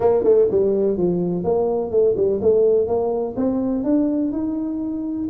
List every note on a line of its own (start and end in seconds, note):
0.00 0.23 A#3
0.23 0.47 A3
0.51 0.97 G3
0.97 1.44 F3
1.44 1.90 A#3
1.90 2.14 A3
2.16 2.40 G3
2.41 2.87 A3
2.87 3.35 A#3
3.36 3.84 C4
3.84 4.32 D4
4.32 5.28 D#4